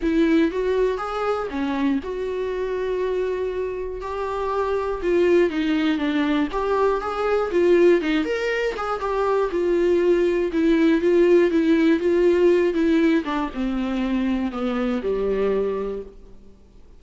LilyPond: \new Staff \with { instrumentName = "viola" } { \time 4/4 \tempo 4 = 120 e'4 fis'4 gis'4 cis'4 | fis'1 | g'2 f'4 dis'4 | d'4 g'4 gis'4 f'4 |
dis'8 ais'4 gis'8 g'4 f'4~ | f'4 e'4 f'4 e'4 | f'4. e'4 d'8 c'4~ | c'4 b4 g2 | }